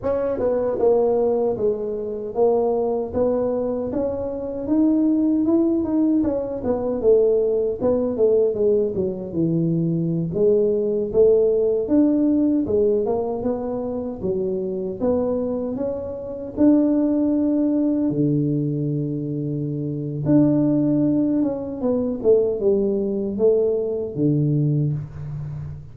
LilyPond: \new Staff \with { instrumentName = "tuba" } { \time 4/4 \tempo 4 = 77 cis'8 b8 ais4 gis4 ais4 | b4 cis'4 dis'4 e'8 dis'8 | cis'8 b8 a4 b8 a8 gis8 fis8 | e4~ e16 gis4 a4 d'8.~ |
d'16 gis8 ais8 b4 fis4 b8.~ | b16 cis'4 d'2 d8.~ | d2 d'4. cis'8 | b8 a8 g4 a4 d4 | }